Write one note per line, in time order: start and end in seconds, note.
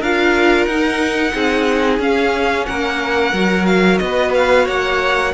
0.00 0.67 D4
0.00 0.70 F4
0.00 1.33 A#4
0.00 0.66 F5
0.66 1.33 D#4
0.66 2.01 D#4
0.66 1.99 F#5
1.34 1.99 C4
1.34 2.67 G#4
1.99 2.66 C#4
1.99 3.34 C#4
1.99 2.66 F5
2.66 3.33 A#3
2.66 4.01 A#4
2.66 3.66 F#5
3.33 4.00 F#3
3.33 5.34 F#4
3.66 3.98 F5
3.98 4.68 B3
3.98 4.31 D#5
4.05 4.66 B4
4.34 4.68 F5
4.66 5.34 A#3
4.66 5.32 C#5
4.66 5.34 F#5